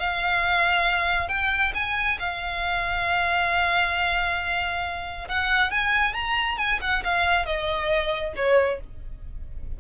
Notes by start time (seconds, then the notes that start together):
0.00 F5
1.29 G5
1.75 G#5
2.20 F5
5.29 F#5
5.71 G#5
6.14 A#5
6.58 G#5
6.82 F#5
7.04 F5
7.46 D#5
8.36 C#5